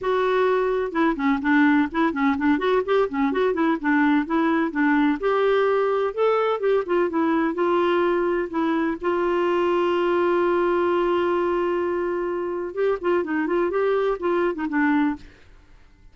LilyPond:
\new Staff \with { instrumentName = "clarinet" } { \time 4/4 \tempo 4 = 127 fis'2 e'8 cis'8 d'4 | e'8 cis'8 d'8 fis'8 g'8 cis'8 fis'8 e'8 | d'4 e'4 d'4 g'4~ | g'4 a'4 g'8 f'8 e'4 |
f'2 e'4 f'4~ | f'1~ | f'2. g'8 f'8 | dis'8 f'8 g'4 f'8. dis'16 d'4 | }